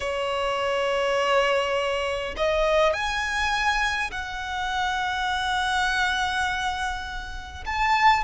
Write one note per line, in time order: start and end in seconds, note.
0.00 2.34 C#5
2.37 2.93 D#5
2.93 4.10 G#5
4.11 7.64 F#5
7.65 8.24 A5